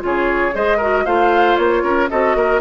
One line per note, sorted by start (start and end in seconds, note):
0.00 0.54 C#3
0.00 0.52 F4
0.00 0.55 G#4
0.00 0.56 C#5
0.53 1.06 G#3
0.53 0.79 G#4
0.53 0.77 C5
0.53 1.06 D#5
0.77 1.06 F#4
0.77 1.03 A#4
1.05 1.58 A3
1.05 2.09 F4
1.05 1.83 C5
1.05 1.57 F5
1.57 1.83 A#3
1.57 2.08 C#5
1.83 2.09 C#4
1.83 2.09 A#4
2.09 2.35 C4
2.09 2.60 F#4
2.09 2.36 A4
2.09 2.60 D#5
2.35 2.60 A#3
2.35 2.60 A#4